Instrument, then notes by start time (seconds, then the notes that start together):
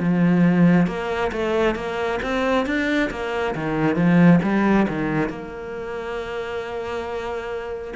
cello
0.00 F3
0.87 A#3
1.32 A3
1.76 A#3
2.23 C4
2.66 D4
3.11 A#3
3.56 D#3
3.96 F3
4.43 G3
4.89 D#3
5.29 A#3